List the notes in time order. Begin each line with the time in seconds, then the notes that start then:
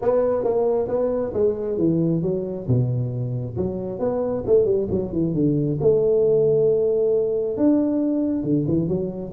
0.01 B3
0.44 A#3
0.88 B3
1.33 G#3
1.78 E3
2.22 F#3
2.67 B2
3.57 F#3
3.99 B3
4.46 A3
4.65 G3
4.90 F#3
5.12 E3
5.34 D3
5.80 A3
7.57 D4
8.43 D3
8.67 E3
8.87 F#3